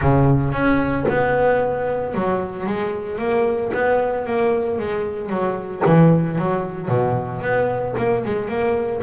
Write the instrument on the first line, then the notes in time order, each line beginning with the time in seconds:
double bass
0.01 C#3
0.52 C#4
1.08 B3
2.14 F#3
2.66 G#3
3.18 A#3
3.73 B3
4.26 A#3
4.78 G#3
5.29 F#3
5.85 E3
6.38 F#3
6.88 B2
7.41 B3
7.97 A#3
8.25 G#3
8.48 A#3